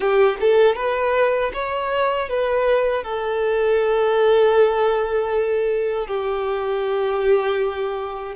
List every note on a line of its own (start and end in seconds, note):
0.00 0.36 G4
0.40 0.75 A4
0.75 1.51 B4
1.53 2.29 C#5
2.29 3.03 B4
3.03 6.07 A4
6.07 8.34 G4